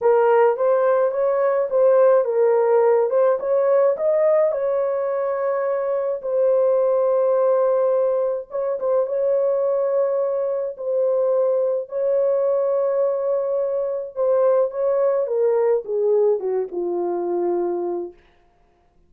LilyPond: \new Staff \with { instrumentName = "horn" } { \time 4/4 \tempo 4 = 106 ais'4 c''4 cis''4 c''4 | ais'4. c''8 cis''4 dis''4 | cis''2. c''4~ | c''2. cis''8 c''8 |
cis''2. c''4~ | c''4 cis''2.~ | cis''4 c''4 cis''4 ais'4 | gis'4 fis'8 f'2~ f'8 | }